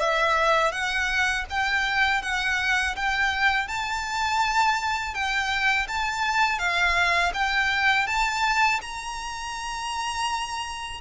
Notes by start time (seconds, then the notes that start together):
0.00 E5
0.72 F#5
1.50 G5
2.23 F#5
2.96 G5
3.68 A5
5.14 G5
5.88 A5
6.59 F5
7.34 G5
8.07 A5
8.82 A#5